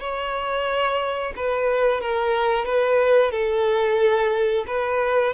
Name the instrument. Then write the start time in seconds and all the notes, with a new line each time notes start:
violin
0.00 C#5
1.36 B4
2.01 A#4
2.65 B4
3.32 A4
4.67 B4